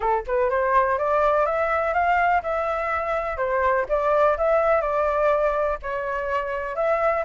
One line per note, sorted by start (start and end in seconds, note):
0.00 0.24 A4
0.26 0.50 B4
0.50 0.98 C5
0.98 1.46 D5
1.46 1.93 E5
1.93 2.42 F5
2.42 3.37 E5
3.37 3.85 C5
3.88 4.37 D5
4.37 4.81 E5
4.81 5.78 D5
5.82 6.75 C#5
6.75 7.24 E5